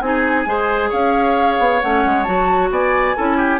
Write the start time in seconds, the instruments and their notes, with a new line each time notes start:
0.00 bassoon C4, clarinet D#4, oboe G#4, flute G#5
0.45 bassoon G#3, clarinet G#4, oboe C5
0.89 bassoon C#4, oboe C#5, flute F5
1.58 bassoon B3
1.81 bassoon A3, clarinet C#4, flute F#5
2.05 bassoon G#3
2.23 bassoon F#3, clarinet F#4, flute A5
2.70 bassoon B3, oboe D5, flute G#5
3.16 bassoon C#4, clarinet E4, oboe A4
3.37 oboe G4